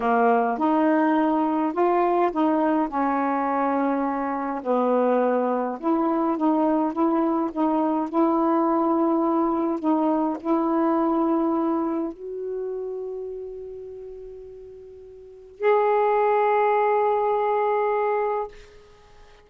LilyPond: \new Staff \with { instrumentName = "saxophone" } { \time 4/4 \tempo 4 = 104 ais4 dis'2 f'4 | dis'4 cis'2. | b2 e'4 dis'4 | e'4 dis'4 e'2~ |
e'4 dis'4 e'2~ | e'4 fis'2.~ | fis'2. gis'4~ | gis'1 | }